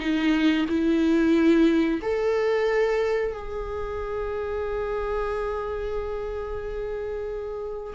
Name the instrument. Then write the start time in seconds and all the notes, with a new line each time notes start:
viola
0.00 D#4
0.69 E4
2.02 A4
3.32 G#4